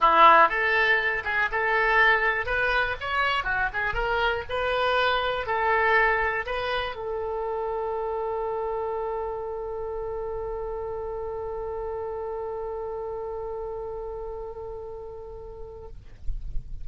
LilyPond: \new Staff \with { instrumentName = "oboe" } { \time 4/4 \tempo 4 = 121 e'4 a'4. gis'8 a'4~ | a'4 b'4 cis''4 fis'8 gis'8 | ais'4 b'2 a'4~ | a'4 b'4 a'2~ |
a'1~ | a'1~ | a'1~ | a'1 | }